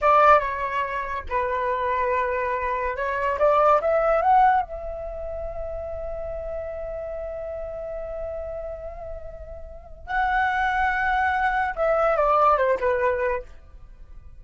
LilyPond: \new Staff \with { instrumentName = "flute" } { \time 4/4 \tempo 4 = 143 d''4 cis''2 b'4~ | b'2. cis''4 | d''4 e''4 fis''4 e''4~ | e''1~ |
e''1~ | e''1 | fis''1 | e''4 d''4 c''8 b'4. | }